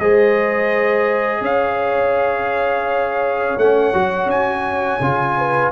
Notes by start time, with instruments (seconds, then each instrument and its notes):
0.00 tuba G#3, trombone G#4, horn C5, trumpet D#5
1.41 tuba C#4, horn C#5, trumpet F5
3.58 tuba A3, trombone C#4, trumpet F#5
3.94 tuba F#3, trombone F#4
4.26 tuba C#4, trumpet G#5
5.00 tuba C#3, trombone F4
5.38 horn B4